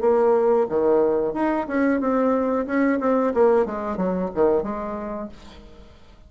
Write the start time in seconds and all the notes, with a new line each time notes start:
0.00 A#3
0.69 D#3
1.33 D#4
1.67 C#4
2.00 C4
2.66 C#4
3.00 C4
3.34 A#3
3.65 G#3
3.96 F#3
4.34 D#3
4.62 G#3